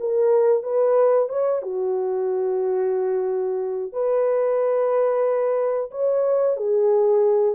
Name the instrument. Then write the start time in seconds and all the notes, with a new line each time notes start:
horn
0.00 A#4
0.63 B4
1.29 C#5
1.62 F#4
3.93 B4
5.91 C#5
6.57 G#4